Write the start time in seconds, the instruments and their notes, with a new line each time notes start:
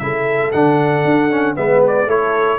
0.00 tuba C#3, trombone E4, horn A4, trumpet E5
0.52 tuba D3, trombone D4, trumpet F#5
1.05 tuba D4
1.31 trombone C#4
1.56 tuba G#3, trombone B3, horn B4, trumpet E5
1.88 trumpet D5
2.07 tuba A3, trombone E4, horn A4, trumpet C#5